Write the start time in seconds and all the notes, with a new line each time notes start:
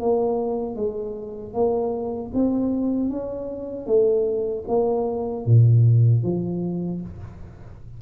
0.00 A#3
0.75 G#3
1.54 A#3
2.34 C4
3.10 C#4
3.86 A3
4.68 A#3
5.45 A#2
6.23 F3